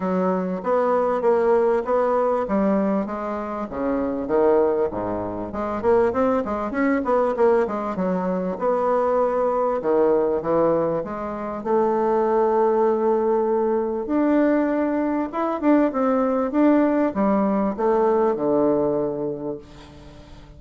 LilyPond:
\new Staff \with { instrumentName = "bassoon" } { \time 4/4 \tempo 4 = 98 fis4 b4 ais4 b4 | g4 gis4 cis4 dis4 | gis,4 gis8 ais8 c'8 gis8 cis'8 b8 | ais8 gis8 fis4 b2 |
dis4 e4 gis4 a4~ | a2. d'4~ | d'4 e'8 d'8 c'4 d'4 | g4 a4 d2 | }